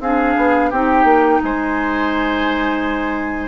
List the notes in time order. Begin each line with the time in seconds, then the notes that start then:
0.00 C4 D4 G#4 F5
0.37 B3
0.70 C4 D#4 G4 G5
1.04 A#3
1.43 G#3 C5 G#5